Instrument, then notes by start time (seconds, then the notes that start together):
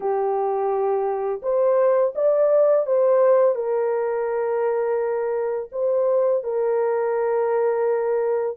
horn
0.00 G4
1.42 C5
2.15 D5
2.86 C5
3.55 A#4
5.71 C5
6.43 A#4